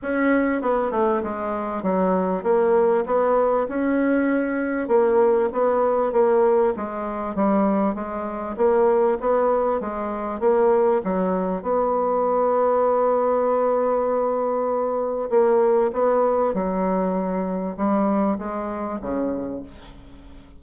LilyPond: \new Staff \with { instrumentName = "bassoon" } { \time 4/4 \tempo 4 = 98 cis'4 b8 a8 gis4 fis4 | ais4 b4 cis'2 | ais4 b4 ais4 gis4 | g4 gis4 ais4 b4 |
gis4 ais4 fis4 b4~ | b1~ | b4 ais4 b4 fis4~ | fis4 g4 gis4 cis4 | }